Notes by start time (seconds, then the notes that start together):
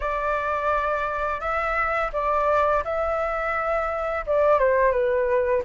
0.00 D5
1.40 E5
2.12 D5
2.84 E5
4.26 D5
4.59 C5
4.91 B4